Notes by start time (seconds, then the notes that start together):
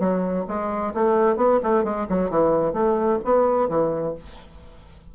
0.00 F#3
0.48 G#3
0.94 A3
1.37 B3
1.63 A3
1.84 G#3
2.09 F#3
2.30 E3
2.74 A3
3.25 B3
3.69 E3